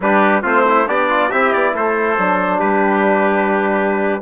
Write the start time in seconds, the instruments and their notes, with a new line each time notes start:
0.00 bassoon G3, trombone D4, trumpet G4 B4
0.42 bassoon A3, trombone C4, trumpet F4 C5
0.68 trumpet E4
0.87 bassoon B3, trumpet D4 D5, trombone G4
1.09 trombone F4
1.29 bassoon C4, trombone E4, trumpet G4 E5
1.53 bassoon B3, trumpet D5
1.74 bassoon A3, trumpet A4 C5
2.18 bassoon F#3, trombone D4
2.59 bassoon G3, trumpet G4 B4